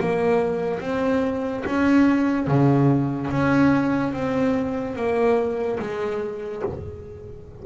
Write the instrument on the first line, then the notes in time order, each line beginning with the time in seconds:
double bass
0.00 A#3
0.81 C4
1.66 C#4
2.47 C#3
3.31 C#4
4.13 C4
4.96 A#3
5.80 G#3